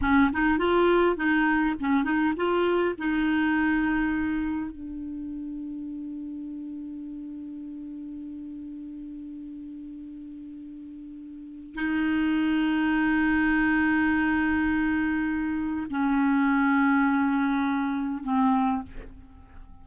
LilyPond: \new Staff \with { instrumentName = "clarinet" } { \time 4/4 \tempo 4 = 102 cis'8 dis'8 f'4 dis'4 cis'8 dis'8 | f'4 dis'2. | d'1~ | d'1~ |
d'1 | dis'1~ | dis'2. cis'4~ | cis'2. c'4 | }